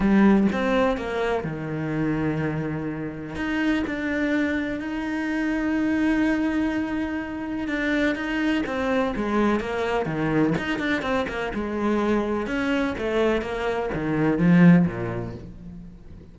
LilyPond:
\new Staff \with { instrumentName = "cello" } { \time 4/4 \tempo 4 = 125 g4 c'4 ais4 dis4~ | dis2. dis'4 | d'2 dis'2~ | dis'1 |
d'4 dis'4 c'4 gis4 | ais4 dis4 dis'8 d'8 c'8 ais8 | gis2 cis'4 a4 | ais4 dis4 f4 ais,4 | }